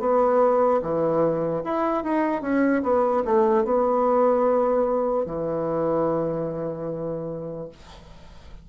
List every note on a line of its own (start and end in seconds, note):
0.00 0.81 B3
0.83 1.64 E3
1.65 2.04 E4
2.04 2.43 D#4
2.43 2.83 C#4
2.83 3.24 B3
3.25 3.65 A3
3.65 5.26 B3
5.26 7.70 E3